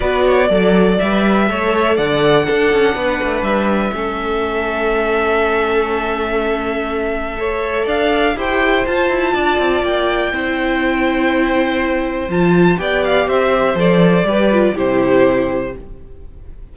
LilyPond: <<
  \new Staff \with { instrumentName = "violin" } { \time 4/4 \tempo 4 = 122 d''2 e''2 | fis''2. e''4~ | e''1~ | e''1 |
f''4 g''4 a''2 | g''1~ | g''4 a''4 g''8 f''8 e''4 | d''2 c''2 | }
  \new Staff \with { instrumentName = "violin" } { \time 4/4 b'8 cis''8 d''2 cis''4 | d''4 a'4 b'2 | a'1~ | a'2. cis''4 |
d''4 c''2 d''4~ | d''4 c''2.~ | c''2 d''4 c''4~ | c''4 b'4 g'2 | }
  \new Staff \with { instrumentName = "viola" } { \time 4/4 fis'4 a'4 b'4 a'4~ | a'4 d'2. | cis'1~ | cis'2. a'4~ |
a'4 g'4 f'2~ | f'4 e'2.~ | e'4 f'4 g'2 | a'4 g'8 f'8 e'2 | }
  \new Staff \with { instrumentName = "cello" } { \time 4/4 b4 fis4 g4 a4 | d4 d'8 cis'8 b8 a8 g4 | a1~ | a1 |
d'4 e'4 f'8 e'8 d'8 c'8 | ais4 c'2.~ | c'4 f4 b4 c'4 | f4 g4 c2 | }
>>